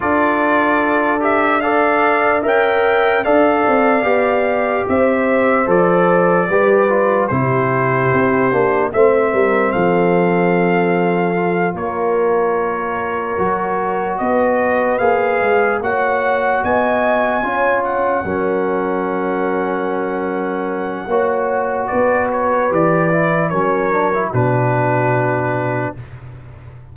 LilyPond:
<<
  \new Staff \with { instrumentName = "trumpet" } { \time 4/4 \tempo 4 = 74 d''4. e''8 f''4 g''4 | f''2 e''4 d''4~ | d''4 c''2 e''4 | f''2~ f''8 cis''4.~ |
cis''4. dis''4 f''4 fis''8~ | fis''8 gis''4. fis''2~ | fis''2. d''8 cis''8 | d''4 cis''4 b'2 | }
  \new Staff \with { instrumentName = "horn" } { \time 4/4 a'2 d''4 e''4 | d''2 c''2 | b'4 g'2 c''8 ais'8 | a'2~ a'8 ais'4.~ |
ais'4. b'2 cis''8~ | cis''8 dis''4 cis''4 ais'4.~ | ais'2 cis''4 b'4~ | b'4 ais'4 fis'2 | }
  \new Staff \with { instrumentName = "trombone" } { \time 4/4 f'4. g'8 a'4 ais'4 | a'4 g'2 a'4 | g'8 f'8 e'4. d'8 c'4~ | c'2 f'2~ |
f'8 fis'2 gis'4 fis'8~ | fis'4. f'4 cis'4.~ | cis'2 fis'2 | g'8 e'8 cis'8 d'16 e'16 d'2 | }
  \new Staff \with { instrumentName = "tuba" } { \time 4/4 d'2. cis'4 | d'8 c'8 b4 c'4 f4 | g4 c4 c'8 ais8 a8 g8 | f2~ f8 ais4.~ |
ais8 fis4 b4 ais8 gis8 ais8~ | ais8 b4 cis'4 fis4.~ | fis2 ais4 b4 | e4 fis4 b,2 | }
>>